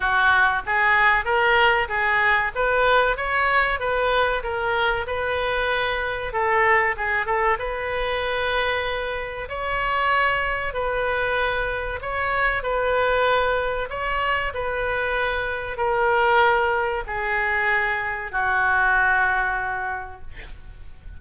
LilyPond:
\new Staff \with { instrumentName = "oboe" } { \time 4/4 \tempo 4 = 95 fis'4 gis'4 ais'4 gis'4 | b'4 cis''4 b'4 ais'4 | b'2 a'4 gis'8 a'8 | b'2. cis''4~ |
cis''4 b'2 cis''4 | b'2 cis''4 b'4~ | b'4 ais'2 gis'4~ | gis'4 fis'2. | }